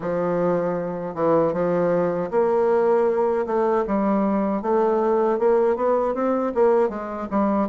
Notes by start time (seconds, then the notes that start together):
0.00 F3
1.15 E3
1.53 F3
2.30 A#3
3.46 A3
3.87 G3
4.62 A3
5.38 A#3
5.76 B3
6.14 C4
6.54 A#3
6.89 G#3
7.30 G3